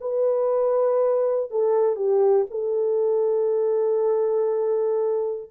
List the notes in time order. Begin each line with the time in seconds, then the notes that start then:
0.00 B4
1.50 A4
1.95 G4
2.50 A4